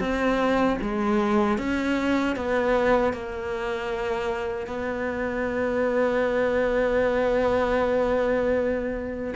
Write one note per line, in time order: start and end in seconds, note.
0.00 0.78 C4
0.82 1.58 G#3
1.58 2.36 C#4
2.37 3.13 B3
3.13 4.67 A#3
4.67 9.35 B3